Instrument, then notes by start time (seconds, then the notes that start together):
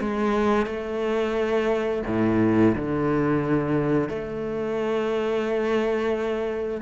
cello
0.00 G#3
0.66 A3
2.06 A2
2.75 D3
4.09 A3